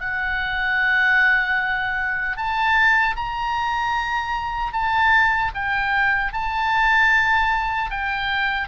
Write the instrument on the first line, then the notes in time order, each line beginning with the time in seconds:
oboe
0.00 F#5
2.36 A5
3.16 A#5
4.73 A5
5.54 G5
6.33 A5
7.90 G5